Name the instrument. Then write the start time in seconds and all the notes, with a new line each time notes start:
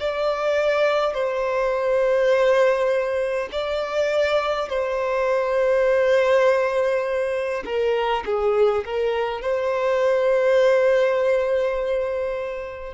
violin
0.00 D5
1.14 C5
3.52 D5
4.70 C5
7.65 A#4
8.26 G#4
8.85 A#4
9.41 C5